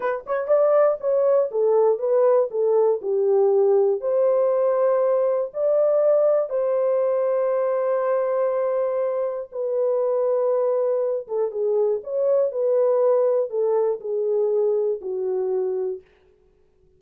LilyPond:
\new Staff \with { instrumentName = "horn" } { \time 4/4 \tempo 4 = 120 b'8 cis''8 d''4 cis''4 a'4 | b'4 a'4 g'2 | c''2. d''4~ | d''4 c''2.~ |
c''2. b'4~ | b'2~ b'8 a'8 gis'4 | cis''4 b'2 a'4 | gis'2 fis'2 | }